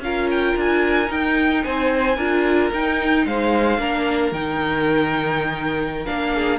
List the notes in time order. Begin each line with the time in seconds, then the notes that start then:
0.00 C#4 F4 A#4 F5
0.31 G5
0.56 D4 G#5
1.07 D#4 G5
1.64 C4 C5 G#5
2.17 D4 F4 A#4
2.74 D#4 G5
3.26 G#3 C5 F5
3.78 A#3 D4 A#4
4.32 D#3 D#4 G5
6.06 A#3 D4 F5
6.33 G#4